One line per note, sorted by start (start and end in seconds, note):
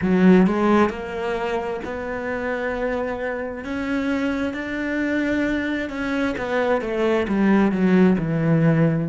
0.01 0.47 F#3
0.47 0.89 G#3
0.89 1.80 A#3
1.84 3.64 B3
3.64 4.53 C#4
4.53 5.89 D4
5.89 6.35 C#4
6.37 6.81 B3
6.81 7.26 A3
7.27 7.71 G3
7.71 8.17 F#3
8.18 9.08 E3